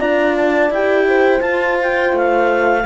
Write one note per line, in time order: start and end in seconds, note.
0.00 0.70 D4
0.00 0.72 F4
0.00 1.08 D5
0.00 0.36 A#5
0.37 0.73 A5
0.70 1.42 E4
0.70 1.40 G4
0.70 1.41 G5
1.09 2.86 C5
1.40 2.83 F4
1.40 2.13 F4
1.40 1.77 A5
1.82 2.18 G5
2.13 2.85 A3
2.13 2.86 F5